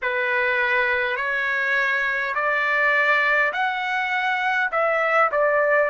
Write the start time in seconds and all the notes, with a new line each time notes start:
0.02 B4
1.16 C#5
2.34 D5
3.52 F#5
4.71 E5
5.31 D5